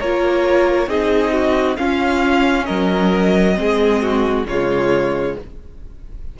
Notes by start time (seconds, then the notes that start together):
0.00 A#3 F4 A#4 C#5
0.87 C4 D#4 G#4 D#5
1.33 F#4
1.77 C#4 F4 F5
2.66 F#3 A#4 D#5
3.55 G#3 C4 G#4
4.02 F#4
4.46 C#3 G#3 F4 C#5